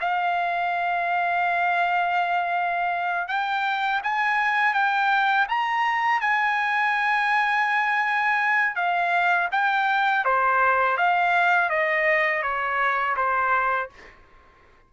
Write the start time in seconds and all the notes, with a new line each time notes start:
0.00 F5
3.28 G5
4.03 G#5
4.73 G5
5.48 A#5
6.21 G#5
8.75 F5
9.52 G5
10.24 C5
10.97 F5
11.69 D#5
12.42 C#5
13.16 C5